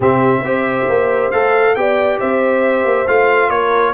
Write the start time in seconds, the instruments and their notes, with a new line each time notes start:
0.00 tuba C3, trombone C4, horn G4, trumpet E5
0.41 tuba C4, trombone G4, horn C5
0.88 tuba A#3
1.31 tuba A3, trombone A4, trumpet F5
1.75 tuba B3, trombone G4, horn D5, trumpet G5
2.19 tuba C4, horn C5, trumpet E5
2.84 tuba A#3
3.07 tuba A3, trombone F4, trumpet F5
3.49 tuba A#3, horn A#4, trumpet C#5